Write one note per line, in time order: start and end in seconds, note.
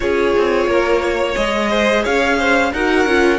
0.00 0.36 C#4
0.00 1.35 F4
0.00 0.68 G#4
0.00 1.35 C#5
0.37 0.67 C4
0.67 1.35 A#3
0.67 1.02 A#4
1.02 1.70 C#5
1.35 2.05 G#3
1.35 2.71 G#4
1.35 2.03 D#5
1.70 2.03 C5
2.03 2.73 C#4
2.03 2.37 C#5
2.03 2.72 F5
2.38 2.72 C5
2.73 3.05 D#4
2.73 3.08 F#4
2.73 3.39 A#4
2.73 3.39 F#5
3.05 3.39 C#4
3.05 3.39 F4